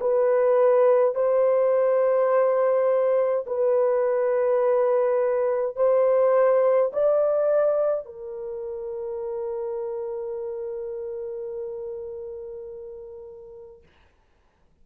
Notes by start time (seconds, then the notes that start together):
0.00 B4
1.15 C5
3.46 B4
5.76 C5
6.92 D5
8.06 A#4